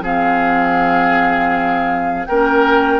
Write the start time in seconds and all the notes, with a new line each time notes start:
0.00 F3 C4 G#4 F5
2.25 A#3 C#4 A#4 G5